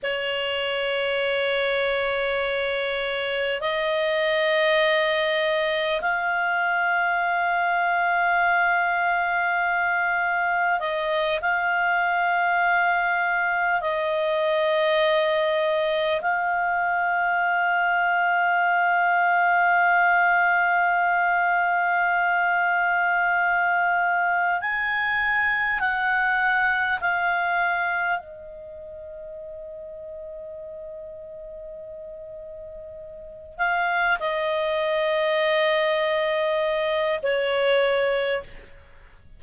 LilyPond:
\new Staff \with { instrumentName = "clarinet" } { \time 4/4 \tempo 4 = 50 cis''2. dis''4~ | dis''4 f''2.~ | f''4 dis''8 f''2 dis''8~ | dis''4. f''2~ f''8~ |
f''1~ | f''8 gis''4 fis''4 f''4 dis''8~ | dis''1 | f''8 dis''2~ dis''8 cis''4 | }